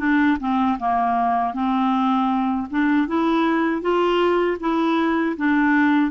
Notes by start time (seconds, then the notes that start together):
0.00 D4
0.40 C4
0.80 A#3
1.54 C4
2.71 D4
3.08 E4
3.82 F4
4.61 E4
5.38 D4